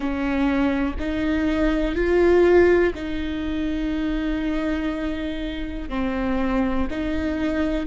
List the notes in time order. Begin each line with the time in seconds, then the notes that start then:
0.00 C#4
0.99 D#4
1.95 F4
2.95 D#4
5.89 C4
6.90 D#4